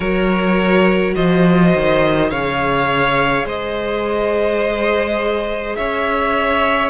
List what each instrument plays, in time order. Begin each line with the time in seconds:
0.00 cello F#3, viola F#4, violin A#4 C#5
1.15 cello F3, violin C5 D#5
1.75 cello D#3
2.30 cello C#3, viola G#4, violin C#5 F5
3.44 cello G#3, violin C5 D#5
5.76 cello C#4, violin C#5 E5